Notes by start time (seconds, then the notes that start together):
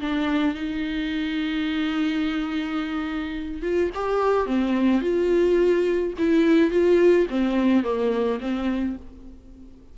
0.00 D4
0.55 D#4
3.62 F4
3.95 G4
4.46 C4
5.01 F4
6.18 E4
6.70 F4
7.29 C4
7.83 A#3
8.40 C4